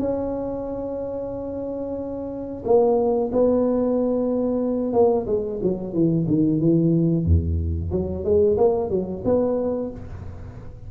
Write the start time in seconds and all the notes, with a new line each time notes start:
0.00 C#4
2.65 A#3
3.32 B3
4.93 A#3
5.27 G#3
5.63 F#3
5.94 E3
6.28 D#3
6.61 E3
7.26 E2
7.92 F#3
8.24 G#3
8.58 A#3
8.90 F#3
9.25 B3